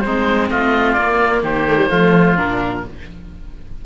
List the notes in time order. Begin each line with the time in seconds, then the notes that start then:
0.00 G#3 C4 D#4 C5
0.50 A3 F4 D#5
0.92 A#3 D5
1.43 D#3 G4 C5
1.68 A3
1.77 G3
1.89 F3 A3 F4
2.36 A#2 D4 A#4